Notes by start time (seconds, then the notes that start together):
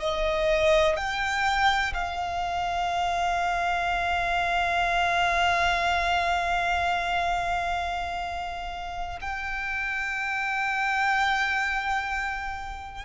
0.00 D#5
0.96 G5
1.94 F5
9.21 G5